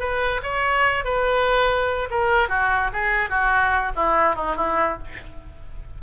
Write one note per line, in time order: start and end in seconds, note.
0.00 0.42 B4
0.43 1.05 C#5
1.05 2.09 B4
2.11 2.49 A#4
2.49 2.91 F#4
2.93 3.30 G#4
3.30 3.92 F#4
3.96 4.36 E4
4.36 4.57 D#4
4.57 4.98 E4